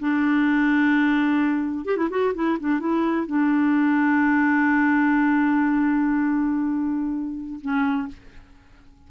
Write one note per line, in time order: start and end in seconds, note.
0.00 1.86 D4
1.86 1.97 G4
1.97 2.09 E4
2.11 2.34 F#4
2.35 2.58 E4
2.60 2.80 D4
2.80 3.27 E4
3.27 7.60 D4
7.62 8.08 C#4